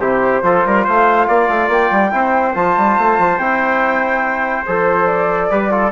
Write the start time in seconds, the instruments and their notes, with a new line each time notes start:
0.00 bassoon C3, trombone E4, trumpet G4, flute C5
0.43 bassoon F3, trombone F4, trumpet A4
0.66 bassoon G3, trumpet A#4
0.85 bassoon A3, trumpet C5, flute F5
1.28 bassoon A#3, trumpet D5
1.49 bassoon A3
1.69 bassoon A#3, flute G5
1.91 bassoon G3
2.11 bassoon C4, trombone E4, trumpet C5
2.54 bassoon F3, trombone F4, flute A5
2.77 bassoon G3
2.98 bassoon A3
3.19 bassoon F3
3.39 bassoon C4, trombone E4, flute G5
4.67 bassoon F3, trombone A4, flute C5
5.07 flute D5
5.51 bassoon G3, trombone G4, trumpet B4
5.70 trombone F4, trumpet A4